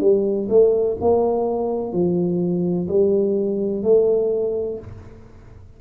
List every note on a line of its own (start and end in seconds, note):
0.00 0.48 G3
0.49 0.97 A3
1.00 1.92 A#3
1.92 2.87 F3
2.88 3.83 G3
3.83 4.78 A3